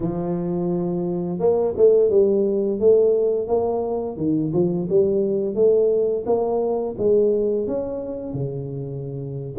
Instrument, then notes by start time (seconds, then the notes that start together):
tuba
0.00 F3
1.39 A#3
1.76 A3
2.09 G3
2.79 A3
3.47 A#3
4.17 D#3
4.53 F3
4.89 G3
5.55 A3
6.25 A#3
6.98 G#3
7.67 C#4
8.33 C#3